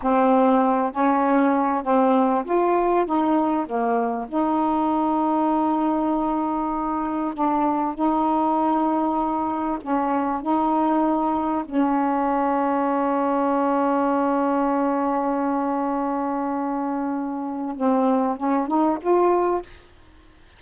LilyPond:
\new Staff \with { instrumentName = "saxophone" } { \time 4/4 \tempo 4 = 98 c'4. cis'4. c'4 | f'4 dis'4 ais4 dis'4~ | dis'1 | d'4 dis'2. |
cis'4 dis'2 cis'4~ | cis'1~ | cis'1~ | cis'4 c'4 cis'8 dis'8 f'4 | }